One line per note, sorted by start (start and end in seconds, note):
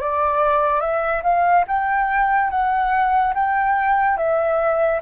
0.00 0.80 D5
0.80 1.22 E5
1.23 1.64 F5
1.67 2.50 G5
2.50 3.33 F#5
3.34 4.17 G5
4.17 5.00 E5